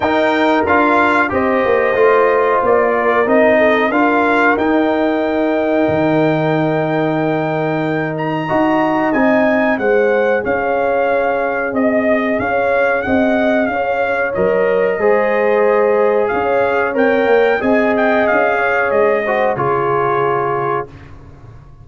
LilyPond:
<<
  \new Staff \with { instrumentName = "trumpet" } { \time 4/4 \tempo 4 = 92 g''4 f''4 dis''2 | d''4 dis''4 f''4 g''4~ | g''1~ | g''8 ais''4. gis''4 fis''4 |
f''2 dis''4 f''4 | fis''4 f''4 dis''2~ | dis''4 f''4 g''4 gis''8 g''8 | f''4 dis''4 cis''2 | }
  \new Staff \with { instrumentName = "horn" } { \time 4/4 ais'2 c''2~ | c''8 ais'4 a'8 ais'2~ | ais'1~ | ais'4 dis''2 c''4 |
cis''2 dis''4 cis''4 | dis''4 cis''2 c''4~ | c''4 cis''2 dis''4~ | dis''8 cis''4 c''8 gis'2 | }
  \new Staff \with { instrumentName = "trombone" } { \time 4/4 dis'4 f'4 g'4 f'4~ | f'4 dis'4 f'4 dis'4~ | dis'1~ | dis'4 fis'4 dis'4 gis'4~ |
gis'1~ | gis'2 ais'4 gis'4~ | gis'2 ais'4 gis'4~ | gis'4. fis'8 f'2 | }
  \new Staff \with { instrumentName = "tuba" } { \time 4/4 dis'4 d'4 c'8 ais8 a4 | ais4 c'4 d'4 dis'4~ | dis'4 dis2.~ | dis4 dis'4 c'4 gis4 |
cis'2 c'4 cis'4 | c'4 cis'4 fis4 gis4~ | gis4 cis'4 c'8 ais8 c'4 | cis'4 gis4 cis2 | }
>>